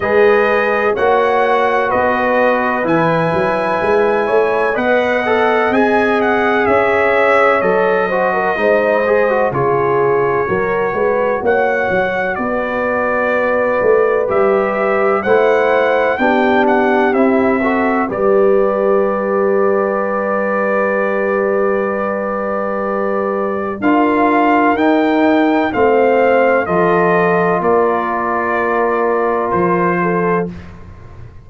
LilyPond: <<
  \new Staff \with { instrumentName = "trumpet" } { \time 4/4 \tempo 4 = 63 dis''4 fis''4 dis''4 gis''4~ | gis''4 fis''4 gis''8 fis''8 e''4 | dis''2 cis''2 | fis''4 d''2 e''4 |
fis''4 g''8 fis''8 e''4 d''4~ | d''1~ | d''4 f''4 g''4 f''4 | dis''4 d''2 c''4 | }
  \new Staff \with { instrumentName = "horn" } { \time 4/4 b'4 cis''4 b'2~ | b'8 cis''8 dis''2 cis''4~ | cis''8 c''16 ais'16 c''4 gis'4 ais'8 b'8 | cis''4 b'2. |
c''4 g'4. a'8 b'4~ | b'1~ | b'4 ais'2 c''4 | a'4 ais'2~ ais'8 a'8 | }
  \new Staff \with { instrumentName = "trombone" } { \time 4/4 gis'4 fis'2 e'4~ | e'4 b'8 a'8 gis'2 | a'8 fis'8 dis'8 gis'16 fis'16 f'4 fis'4~ | fis'2. g'4 |
e'4 d'4 e'8 fis'8 g'4~ | g'1~ | g'4 f'4 dis'4 c'4 | f'1 | }
  \new Staff \with { instrumentName = "tuba" } { \time 4/4 gis4 ais4 b4 e8 fis8 | gis8 a8 b4 c'4 cis'4 | fis4 gis4 cis4 fis8 gis8 | ais8 fis8 b4. a8 g4 |
a4 b4 c'4 g4~ | g1~ | g4 d'4 dis'4 a4 | f4 ais2 f4 | }
>>